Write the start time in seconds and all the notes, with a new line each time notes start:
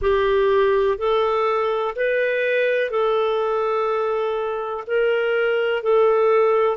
0.01 G4
0.98 A4
1.95 B4
2.90 A4
4.87 A#4
5.82 A4